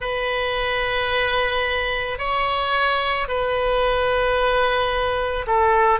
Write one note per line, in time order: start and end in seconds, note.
0.00 2.18 B4
2.18 3.27 C#5
3.27 5.45 B4
5.46 6.00 A4